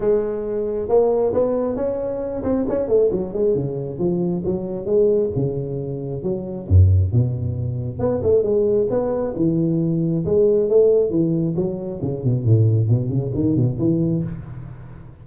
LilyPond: \new Staff \with { instrumentName = "tuba" } { \time 4/4 \tempo 4 = 135 gis2 ais4 b4 | cis'4. c'8 cis'8 a8 fis8 gis8 | cis4 f4 fis4 gis4 | cis2 fis4 fis,4 |
b,2 b8 a8 gis4 | b4 e2 gis4 | a4 e4 fis4 cis8 b,8 | a,4 b,8 cis8 dis8 b,8 e4 | }